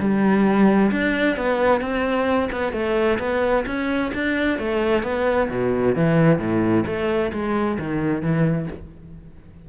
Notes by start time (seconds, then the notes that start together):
0.00 G3
0.92 D4
1.37 B3
1.81 C4
2.52 B3
2.73 A3
3.19 B3
3.66 C#4
4.15 D4
4.59 A3
5.03 B3
5.50 B2
5.96 E3
6.39 A2
6.86 A3
7.33 G#3
7.79 D#3
8.22 E3